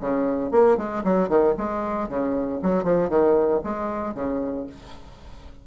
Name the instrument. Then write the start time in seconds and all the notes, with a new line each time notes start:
bassoon
0.00 C#3
0.51 A#3
0.77 G#3
1.04 F#3
1.28 D#3
1.57 G#3
2.09 C#3
2.62 F#3
2.83 F3
3.09 D#3
3.63 G#3
4.14 C#3